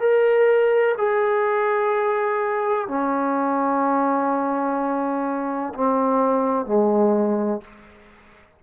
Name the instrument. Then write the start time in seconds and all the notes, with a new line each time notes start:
trombone
0.00 A#4
0.98 G#4
2.88 C#4
5.74 C4
6.66 G#3